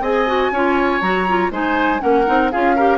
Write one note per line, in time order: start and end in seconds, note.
0.00 0.50 C4
0.00 0.27 G#4
0.00 0.51 D#5
0.00 1.01 G#5
0.27 0.51 F#4
0.51 1.01 C#4
0.51 1.01 F4
0.51 1.52 C#5
1.01 1.50 F#3
1.01 1.26 F#4
1.01 1.50 A#5
1.28 1.51 F4
1.50 2.00 G#3
1.50 1.99 D#4
1.50 2.01 C5
1.50 2.00 G#5
1.99 2.28 A#3
1.99 2.24 C#4
1.99 2.51 A#4
1.99 2.50 F#5
2.26 2.53 C4
2.26 2.50 D#4
2.50 2.98 C#4
2.50 2.77 F4
2.50 2.75 G#4
2.50 2.98 F5
2.75 2.98 G4
2.75 2.98 A#4